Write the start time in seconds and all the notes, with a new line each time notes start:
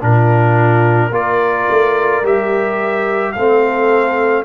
0.00 A#2 D4 F4 A#4
1.11 A#3 F4 A#4 D5
1.70 A3
2.22 G3 G4 E5
3.32 A3 C4 A4 F5